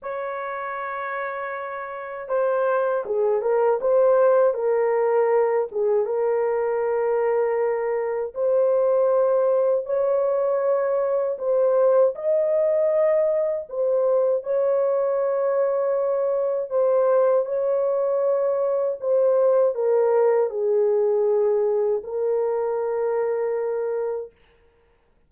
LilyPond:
\new Staff \with { instrumentName = "horn" } { \time 4/4 \tempo 4 = 79 cis''2. c''4 | gis'8 ais'8 c''4 ais'4. gis'8 | ais'2. c''4~ | c''4 cis''2 c''4 |
dis''2 c''4 cis''4~ | cis''2 c''4 cis''4~ | cis''4 c''4 ais'4 gis'4~ | gis'4 ais'2. | }